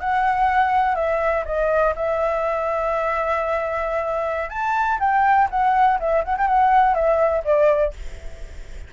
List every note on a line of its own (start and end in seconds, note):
0.00 0.96 F#5
0.96 1.44 E5
1.45 1.94 D#5
1.96 4.50 E5
4.50 4.99 A5
5.00 5.49 G5
5.51 5.99 F#5
6.00 6.24 E5
6.25 6.37 F#5
6.38 6.47 G5
6.47 6.95 F#5
6.95 7.43 E5
7.45 7.93 D5